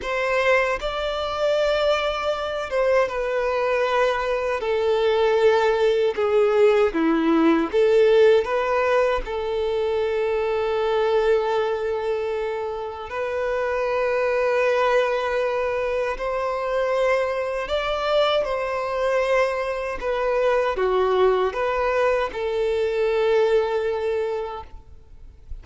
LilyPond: \new Staff \with { instrumentName = "violin" } { \time 4/4 \tempo 4 = 78 c''4 d''2~ d''8 c''8 | b'2 a'2 | gis'4 e'4 a'4 b'4 | a'1~ |
a'4 b'2.~ | b'4 c''2 d''4 | c''2 b'4 fis'4 | b'4 a'2. | }